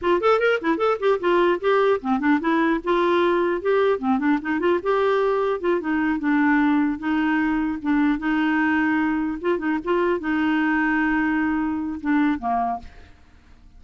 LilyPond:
\new Staff \with { instrumentName = "clarinet" } { \time 4/4 \tempo 4 = 150 f'8 a'8 ais'8 e'8 a'8 g'8 f'4 | g'4 c'8 d'8 e'4 f'4~ | f'4 g'4 c'8 d'8 dis'8 f'8 | g'2 f'8 dis'4 d'8~ |
d'4. dis'2 d'8~ | d'8 dis'2. f'8 | dis'8 f'4 dis'2~ dis'8~ | dis'2 d'4 ais4 | }